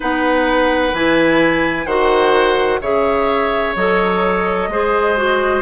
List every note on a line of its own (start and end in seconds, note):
0.00 0.93 B3
0.00 0.94 D#4
0.00 1.86 B4
0.00 0.95 F#5
0.93 1.85 E3
0.93 1.87 E4
0.93 1.86 G#5
1.85 2.79 D#3
1.85 2.81 F#4
1.85 2.79 C5
1.85 2.79 F#5
2.81 3.75 C#3
2.81 3.75 G#4
2.81 4.68 C#5
2.81 3.75 E5
3.75 4.68 F#3
3.75 4.70 A4
3.75 5.61 D#5
4.68 5.61 G#3
4.68 5.16 G#4
4.68 5.61 C5
5.16 5.61 F#4